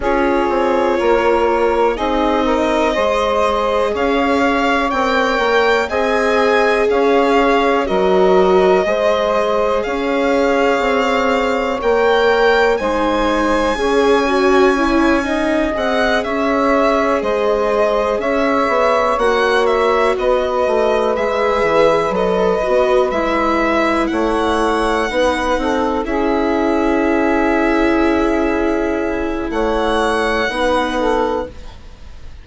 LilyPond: <<
  \new Staff \with { instrumentName = "violin" } { \time 4/4 \tempo 4 = 61 cis''2 dis''2 | f''4 g''4 gis''4 f''4 | dis''2 f''2 | g''4 gis''2. |
fis''8 e''4 dis''4 e''4 fis''8 | e''8 dis''4 e''4 dis''4 e''8~ | e''8 fis''2 e''4.~ | e''2 fis''2 | }
  \new Staff \with { instrumentName = "saxophone" } { \time 4/4 gis'4 ais'4 gis'8 ais'8 c''4 | cis''2 dis''4 cis''4 | ais'4 c''4 cis''2~ | cis''4 c''4 cis''4. dis''8~ |
dis''8 cis''4 c''4 cis''4.~ | cis''8 b'2.~ b'8~ | b'8 cis''4 b'8 a'8 gis'4.~ | gis'2 cis''4 b'8 a'8 | }
  \new Staff \with { instrumentName = "viola" } { \time 4/4 f'2 dis'4 gis'4~ | gis'4 ais'4 gis'2 | fis'4 gis'2. | ais'4 dis'4 gis'8 fis'8 e'8 dis'8 |
gis'2.~ gis'8 fis'8~ | fis'4. gis'4 a'8 fis'8 e'8~ | e'4. dis'4 e'4.~ | e'2. dis'4 | }
  \new Staff \with { instrumentName = "bassoon" } { \time 4/4 cis'8 c'8 ais4 c'4 gis4 | cis'4 c'8 ais8 c'4 cis'4 | fis4 gis4 cis'4 c'4 | ais4 gis4 cis'2 |
c'8 cis'4 gis4 cis'8 b8 ais8~ | ais8 b8 a8 gis8 e8 fis8 b8 gis8~ | gis8 a4 b8 c'8 cis'4.~ | cis'2 a4 b4 | }
>>